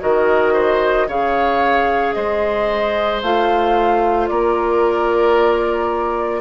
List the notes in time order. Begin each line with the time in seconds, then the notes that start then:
0.00 D#3 F#4 A#4 D#5
0.54 C5
1.08 C#3 G#4 C#5 F5
2.13 G#3 C5 D#5
3.22 A3 F4 F5
4.28 A#3 A#4 D5